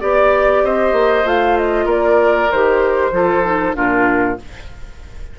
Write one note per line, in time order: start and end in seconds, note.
0.00 0.64 B3
0.00 1.25 G4
0.00 0.63 D5
0.00 0.65 D5
0.64 0.93 C4
0.64 1.86 C5
0.64 1.27 D#5
0.93 1.24 A#3
1.25 1.86 A3
1.25 2.50 F4
1.25 1.58 F5
1.58 1.89 D#5
1.86 2.49 A#3
1.86 3.11 A#4
1.86 2.52 D5
2.52 3.12 D#3
2.52 3.13 G4
2.52 3.77 C5
3.12 3.74 F3
3.12 3.44 F4
3.12 3.76 A4
3.44 3.74 D#4
3.74 4.39 A#2
3.74 4.37 D4
3.74 4.39 F4
3.74 4.39 A#4